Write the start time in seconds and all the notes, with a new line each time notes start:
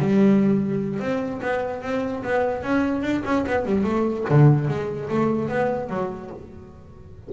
0.00 G3
1.00 C4
1.42 B3
1.82 C4
2.24 B3
2.63 C#4
3.03 D4
3.25 C#4
3.47 B3
3.66 G3
3.84 A3
4.30 D3
4.68 G#3
5.10 A3
5.49 B3
5.90 F#3